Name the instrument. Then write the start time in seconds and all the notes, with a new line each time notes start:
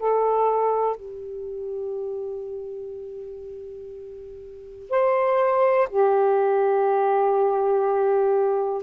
saxophone
0.00 A4
0.97 G4
4.90 C5
5.90 G4